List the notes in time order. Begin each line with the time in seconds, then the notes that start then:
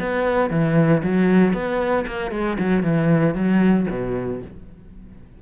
0.00 B3
0.50 E3
1.03 F#3
1.53 B3
2.07 A#3
2.31 G#3
2.59 F#3
2.83 E3
3.35 F#3
3.90 B2